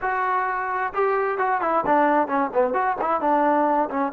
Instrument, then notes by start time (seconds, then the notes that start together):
trombone
0.01 F#4
0.93 G4
1.38 F#4
1.61 E4
1.86 D4
2.27 C#4
2.53 B3
2.73 F#4
3.01 E4
3.20 D4
3.90 C#4